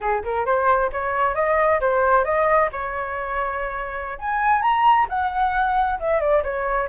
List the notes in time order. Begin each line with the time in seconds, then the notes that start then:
0.00 G#4
0.24 A#4
0.45 C5
0.92 C#5
1.34 D#5
1.80 C5
2.24 D#5
2.71 C#5
4.18 G#5
4.61 A#5
5.09 F#5
5.99 E5
6.20 D5
6.43 C#5